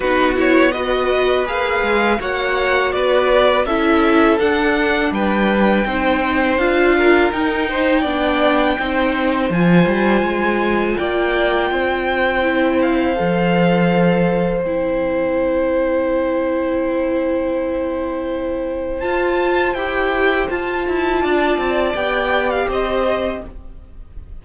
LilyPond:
<<
  \new Staff \with { instrumentName = "violin" } { \time 4/4 \tempo 4 = 82 b'8 cis''8 dis''4 f''4 fis''4 | d''4 e''4 fis''4 g''4~ | g''4 f''4 g''2~ | g''4 gis''2 g''4~ |
g''4. f''2~ f''8 | g''1~ | g''2 a''4 g''4 | a''2 g''8. f''16 dis''4 | }
  \new Staff \with { instrumentName = "violin" } { \time 4/4 fis'4 b'2 cis''4 | b'4 a'2 b'4 | c''4. ais'4 c''8 d''4 | c''2. d''4 |
c''1~ | c''1~ | c''1~ | c''4 d''2 c''4 | }
  \new Staff \with { instrumentName = "viola" } { \time 4/4 dis'8 e'8 fis'4 gis'4 fis'4~ | fis'4 e'4 d'2 | dis'4 f'4 dis'4 d'4 | dis'4 f'2.~ |
f'4 e'4 a'2 | e'1~ | e'2 f'4 g'4 | f'2 g'2 | }
  \new Staff \with { instrumentName = "cello" } { \time 4/4 b2 ais8 gis8 ais4 | b4 cis'4 d'4 g4 | c'4 d'4 dis'4 b4 | c'4 f8 g8 gis4 ais4 |
c'2 f2 | c'1~ | c'2 f'4 e'4 | f'8 e'8 d'8 c'8 b4 c'4 | }
>>